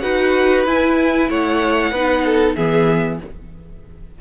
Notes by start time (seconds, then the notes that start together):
0.00 D#4 F#4 B4 F#5
0.66 E4 G#5
1.29 A3 C#5 F#5
1.91 B3 D#4 B4
2.25 A4
2.55 E3 B3 G#4 E5